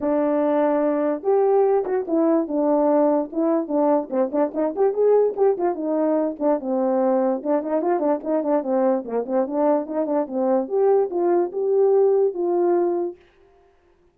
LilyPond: \new Staff \with { instrumentName = "horn" } { \time 4/4 \tempo 4 = 146 d'2. g'4~ | g'8 fis'8 e'4 d'2 | e'4 d'4 c'8 d'8 dis'8 g'8 | gis'4 g'8 f'8 dis'4. d'8 |
c'2 d'8 dis'8 f'8 d'8 | dis'8 d'8 c'4 ais8 c'8 d'4 | dis'8 d'8 c'4 g'4 f'4 | g'2 f'2 | }